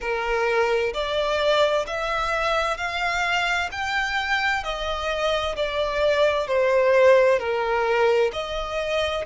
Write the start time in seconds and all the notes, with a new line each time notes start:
0.00 A#4
0.93 D5
1.87 E5
2.77 F5
3.71 G5
4.63 D#5
5.56 D5
6.47 C5
7.38 A#4
8.32 D#5